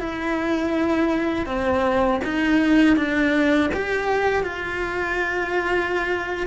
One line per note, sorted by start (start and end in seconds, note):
0.00 1.46 E4
1.46 2.21 C4
2.25 2.97 D#4
2.97 3.71 D4
3.74 4.44 G4
4.44 6.47 F4